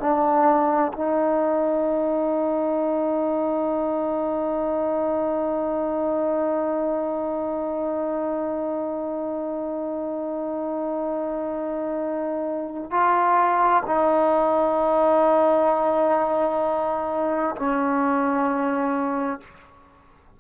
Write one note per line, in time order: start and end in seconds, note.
0.00 0.92 D4
0.93 12.91 D#4
12.91 13.83 F4
13.86 17.56 D#4
17.56 19.41 C#4